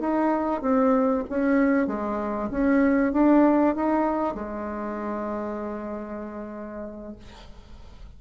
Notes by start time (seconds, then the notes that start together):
0.00 D#4
0.62 C4
1.30 C#4
1.87 G#3
2.51 C#4
3.13 D4
3.76 D#4
4.35 G#3